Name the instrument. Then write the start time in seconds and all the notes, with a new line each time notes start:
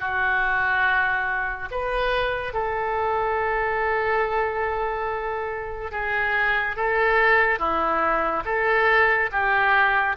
oboe
0.00 F#4
1.71 B4
2.53 A4
5.92 G#4
6.76 A4
7.59 E4
8.45 A4
9.32 G4